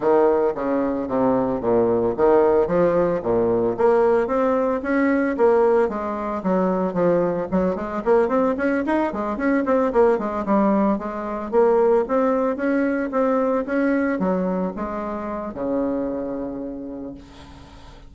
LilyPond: \new Staff \with { instrumentName = "bassoon" } { \time 4/4 \tempo 4 = 112 dis4 cis4 c4 ais,4 | dis4 f4 ais,4 ais4 | c'4 cis'4 ais4 gis4 | fis4 f4 fis8 gis8 ais8 c'8 |
cis'8 dis'8 gis8 cis'8 c'8 ais8 gis8 g8~ | g8 gis4 ais4 c'4 cis'8~ | cis'8 c'4 cis'4 fis4 gis8~ | gis4 cis2. | }